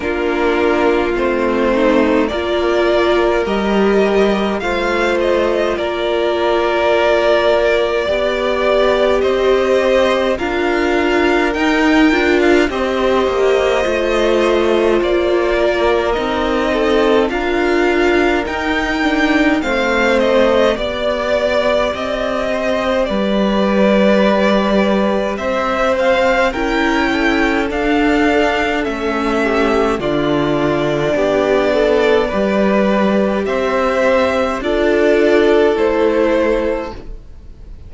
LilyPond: <<
  \new Staff \with { instrumentName = "violin" } { \time 4/4 \tempo 4 = 52 ais'4 c''4 d''4 dis''4 | f''8 dis''8 d''2. | dis''4 f''4 g''8. f''16 dis''4~ | dis''4 d''4 dis''4 f''4 |
g''4 f''8 dis''8 d''4 dis''4 | d''2 e''8 f''8 g''4 | f''4 e''4 d''2~ | d''4 e''4 d''4 c''4 | }
  \new Staff \with { instrumentName = "violin" } { \time 4/4 f'4. dis'8 ais'2 | c''4 ais'2 d''4 | c''4 ais'2 c''4~ | c''4. ais'4 a'8 ais'4~ |
ais'4 c''4 d''4. c''8 | b'2 c''4 ais'8 a'8~ | a'4. g'8 f'4 g'8 a'8 | b'4 c''4 a'2 | }
  \new Staff \with { instrumentName = "viola" } { \time 4/4 d'4 c'4 f'4 g'4 | f'2. g'4~ | g'4 f'4 dis'8 f'8 g'4 | f'2 dis'4 f'4 |
dis'8 d'8 c'4 g'2~ | g'2. e'4 | d'4 cis'4 d'2 | g'2 f'4 e'4 | }
  \new Staff \with { instrumentName = "cello" } { \time 4/4 ais4 a4 ais4 g4 | a4 ais2 b4 | c'4 d'4 dis'8 d'8 c'8 ais8 | a4 ais4 c'4 d'4 |
dis'4 a4 b4 c'4 | g2 c'4 cis'4 | d'4 a4 d4 b4 | g4 c'4 d'4 a4 | }
>>